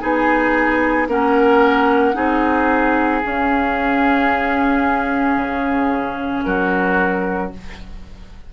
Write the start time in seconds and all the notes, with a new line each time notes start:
0.00 B3 D#4 G#4 G#5
1.08 A#3 C#4 A#4 F#5
2.15 C4 D#4 G#4
3.22 C#4 F5
5.37 C#3
6.44 F#3 F#4 A#4